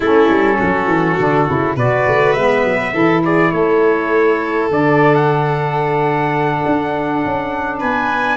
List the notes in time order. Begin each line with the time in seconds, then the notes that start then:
0.00 A3 C#4 E4 A4
0.29 G3
0.58 F#3 F#4
0.87 E3
1.19 D3 D4
1.47 C#3 E4
1.75 B2 F#4 B4 D5
2.07 A3
2.32 G#3 B3 E5
2.63 F#3
2.93 E3 E4 A4
3.24 G#4 D5
3.51 A3 A4 C#5
4.69 D3 D4 D5
5.14 F#5
6.65 D4
7.24 C#4
7.79 B3 B4 G#5